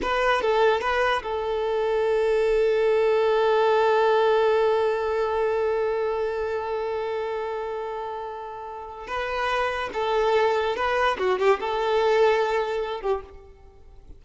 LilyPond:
\new Staff \with { instrumentName = "violin" } { \time 4/4 \tempo 4 = 145 b'4 a'4 b'4 a'4~ | a'1~ | a'1~ | a'1~ |
a'1~ | a'2 b'2 | a'2 b'4 fis'8 g'8 | a'2.~ a'8 g'8 | }